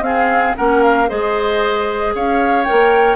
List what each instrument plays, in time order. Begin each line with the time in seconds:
0.00 bassoon C4, clarinet C4, oboe G#4, flute F5
0.56 bassoon A#3, clarinet C#4, oboe A#4, flute F#5
0.83 flute F5
1.08 bassoon G#3, clarinet G#4, oboe C5, flute D#5
2.15 bassoon C#4, oboe C#5, flute F5
2.64 clarinet A#4, flute G5
2.71 bassoon A#3